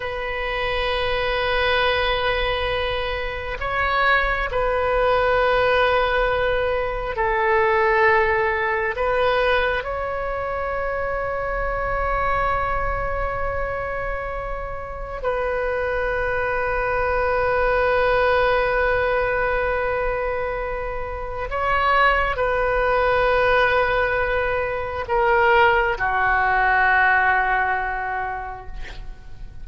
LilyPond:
\new Staff \with { instrumentName = "oboe" } { \time 4/4 \tempo 4 = 67 b'1 | cis''4 b'2. | a'2 b'4 cis''4~ | cis''1~ |
cis''4 b'2.~ | b'1 | cis''4 b'2. | ais'4 fis'2. | }